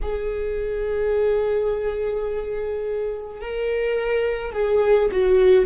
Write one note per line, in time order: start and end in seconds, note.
0.02 3.41 G#4
3.41 4.53 A#4
4.53 5.09 G#4
5.11 5.66 F#4